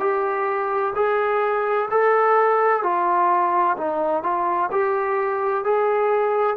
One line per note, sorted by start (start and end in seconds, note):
0.00 0.94 G4
0.95 1.89 G#4
1.90 2.83 A4
2.83 3.77 F4
3.78 4.23 D#4
4.23 4.70 F4
4.71 5.64 G4
5.64 6.57 G#4